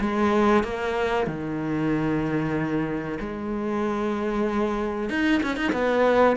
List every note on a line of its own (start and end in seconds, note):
0.00 0.64 G#3
0.64 1.27 A#3
1.27 3.18 D#3
3.20 5.10 G#3
5.10 5.42 D#4
5.43 5.56 C#4
5.56 5.72 D#4
5.72 6.36 B3